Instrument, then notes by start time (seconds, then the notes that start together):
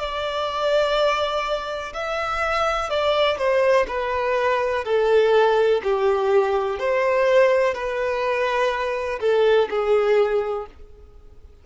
violin
0.00 D5
1.94 E5
2.90 D5
3.38 C5
3.88 B4
4.85 A4
5.84 G4
6.79 C5
7.75 B4
9.20 A4
9.70 G#4